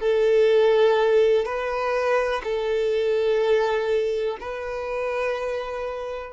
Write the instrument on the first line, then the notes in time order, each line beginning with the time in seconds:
violin
0.00 A4
1.45 B4
2.44 A4
4.40 B4